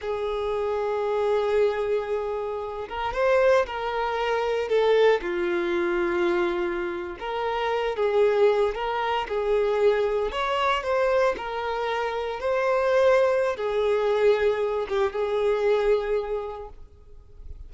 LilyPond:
\new Staff \with { instrumentName = "violin" } { \time 4/4 \tempo 4 = 115 gis'1~ | gis'4. ais'8 c''4 ais'4~ | ais'4 a'4 f'2~ | f'4.~ f'16 ais'4. gis'8.~ |
gis'8. ais'4 gis'2 cis''16~ | cis''8. c''4 ais'2 c''16~ | c''2 gis'2~ | gis'8 g'8 gis'2. | }